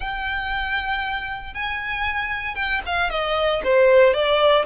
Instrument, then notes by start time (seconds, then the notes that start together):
violin
0.00 G5
1.54 G#5
2.55 G5
2.85 F5
3.10 D#5
3.63 C5
4.13 D5